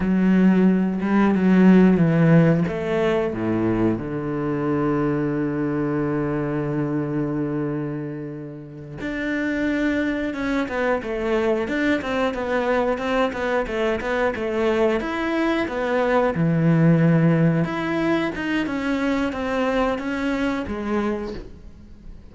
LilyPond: \new Staff \with { instrumentName = "cello" } { \time 4/4 \tempo 4 = 90 fis4. g8 fis4 e4 | a4 a,4 d2~ | d1~ | d4. d'2 cis'8 |
b8 a4 d'8 c'8 b4 c'8 | b8 a8 b8 a4 e'4 b8~ | b8 e2 e'4 dis'8 | cis'4 c'4 cis'4 gis4 | }